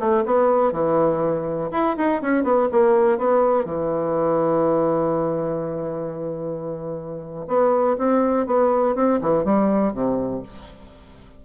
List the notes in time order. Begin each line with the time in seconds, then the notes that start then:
0.00 A3
0.26 B3
0.72 E3
1.72 E4
1.98 D#4
2.22 C#4
2.44 B3
2.72 A#3
3.18 B3
3.65 E3
7.48 B3
7.98 C4
8.47 B3
8.96 C4
9.22 E3
9.45 G3
9.94 C3